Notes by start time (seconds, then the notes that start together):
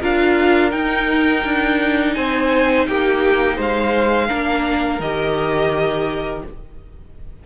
0.00 D4 F4 A#4 F5
0.71 D#4 G5
1.45 D4
2.14 C4 C5 G#5
2.87 A#3 G4 G5
3.56 G#3 C5 F5
4.28 A#3 D4 A#4
4.99 D#3 G4 D#5